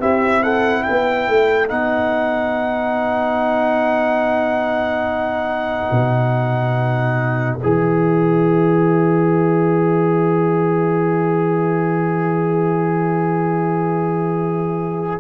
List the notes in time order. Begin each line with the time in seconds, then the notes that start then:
0.00 C4 E4 G4 E5
0.43 A4 F#5
0.83 B3 B4 G5
1.28 A3
1.68 B3 D#4 F#5
5.91 B2
7.57 G#4 E5
7.63 E3